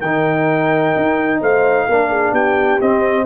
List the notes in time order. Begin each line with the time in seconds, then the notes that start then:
0.00 D#3 D#4 A#4 G5
0.96 D#4
1.40 A3 C5 F5
1.87 A#3 D4 A#4
2.09 G#4
2.31 B3 G4 G5
2.81 C4 D#5